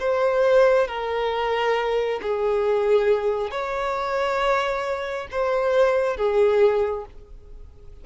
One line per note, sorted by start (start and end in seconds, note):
0.00 0.88 C5
0.88 2.21 A#4
2.23 3.51 G#4
3.51 5.28 C#5
5.32 6.17 C5
6.17 7.05 G#4